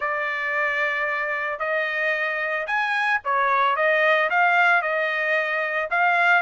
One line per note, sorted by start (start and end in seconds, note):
0.00 1.59 D5
1.59 2.66 D#5
2.66 3.20 G#5
3.24 3.76 C#5
3.76 4.29 D#5
4.30 4.81 F5
4.81 5.89 D#5
5.90 6.42 F5